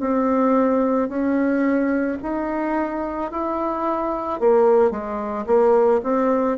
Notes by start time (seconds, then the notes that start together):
0.00 C4
1.09 C#4
2.22 D#4
3.31 E4
4.40 A#3
4.90 G#3
5.46 A#3
6.03 C4